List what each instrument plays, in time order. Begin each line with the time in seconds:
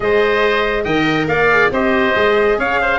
0.00 tuba G#3, viola G#4, oboe C5, trumpet D#5
0.83 tuba D#3, viola A#4, oboe D#5, trumpet G5
1.26 tuba A#3, oboe D5, trumpet F5
1.51 viola G#4
1.71 tuba C4, viola G4, oboe C5, trumpet D#5
2.15 tuba G#3, viola G#4
2.58 tuba C#4, oboe C#5, trumpet F5
2.81 oboe C5